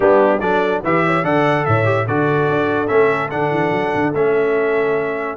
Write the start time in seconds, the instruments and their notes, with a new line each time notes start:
0.00 tuba G3, trombone B3, horn D4, trumpet G4
0.40 tuba F#3, trombone D4, horn A4, trumpet D5
0.83 tuba E3, trombone G4, horn B4, trumpet E5
1.06 horn C#5
1.23 tuba D3, trombone A4, horn D5, trumpet F#5
1.65 tuba A2, horn C#5, trumpet E5
1.84 trombone G4
2.06 tuba D3, trombone F#4, horn A4, trumpet D5
2.48 tuba D4
2.87 tuba A3, trombone C#4, trumpet E5
3.30 tuba D3, trombone D4, trumpet F#5
3.50 tuba E3
3.71 tuba F#3
3.95 tuba D3
4.14 tuba A3, trombone C#4, trumpet E5